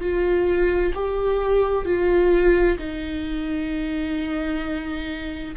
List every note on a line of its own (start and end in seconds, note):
0.00 0.92 F4
0.94 1.85 G4
1.85 2.77 F4
2.77 5.54 D#4